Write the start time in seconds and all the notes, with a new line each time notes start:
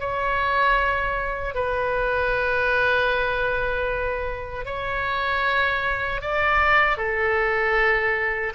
0.00 C#5
1.55 B4
4.66 C#5
6.22 D5
6.98 A4